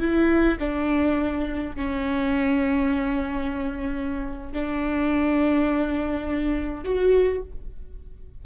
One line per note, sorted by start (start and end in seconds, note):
0.00 0.58 E4
0.60 1.76 D4
1.76 4.53 C#4
4.53 6.84 D4
6.84 7.42 F#4